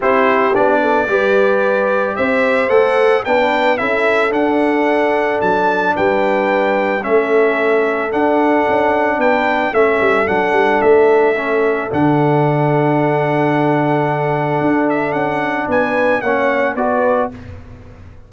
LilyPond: <<
  \new Staff \with { instrumentName = "trumpet" } { \time 4/4 \tempo 4 = 111 c''4 d''2. | e''4 fis''4 g''4 e''4 | fis''2 a''4 g''4~ | g''4 e''2 fis''4~ |
fis''4 g''4 e''4 fis''4 | e''2 fis''2~ | fis''2.~ fis''8 e''8 | fis''4 gis''4 fis''4 d''4 | }
  \new Staff \with { instrumentName = "horn" } { \time 4/4 g'4. a'8 b'2 | c''2 b'4 a'4~ | a'2. b'4~ | b'4 a'2.~ |
a'4 b'4 a'2~ | a'1~ | a'1~ | a'4 b'4 cis''4 b'4 | }
  \new Staff \with { instrumentName = "trombone" } { \time 4/4 e'4 d'4 g'2~ | g'4 a'4 d'4 e'4 | d'1~ | d'4 cis'2 d'4~ |
d'2 cis'4 d'4~ | d'4 cis'4 d'2~ | d'1~ | d'2 cis'4 fis'4 | }
  \new Staff \with { instrumentName = "tuba" } { \time 4/4 c'4 b4 g2 | c'4 a4 b4 cis'4 | d'2 fis4 g4~ | g4 a2 d'4 |
cis'4 b4 a8 g8 fis8 g8 | a2 d2~ | d2. d'4 | cis'4 b4 ais4 b4 | }
>>